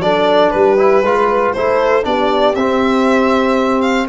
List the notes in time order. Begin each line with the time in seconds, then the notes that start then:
0.00 F#3 D4 A4 D5
0.50 G3 G4 B4
0.78 E4
1.03 G#3 F4 B4
1.53 A3 E4 A4 C5
2.03 B3 D4 G4 D5
2.55 C4 E5
3.81 F5